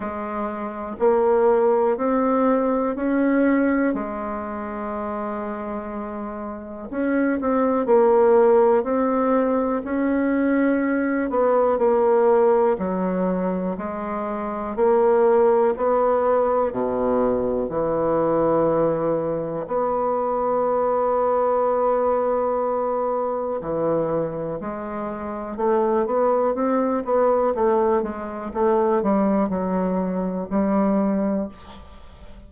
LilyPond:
\new Staff \with { instrumentName = "bassoon" } { \time 4/4 \tempo 4 = 61 gis4 ais4 c'4 cis'4 | gis2. cis'8 c'8 | ais4 c'4 cis'4. b8 | ais4 fis4 gis4 ais4 |
b4 b,4 e2 | b1 | e4 gis4 a8 b8 c'8 b8 | a8 gis8 a8 g8 fis4 g4 | }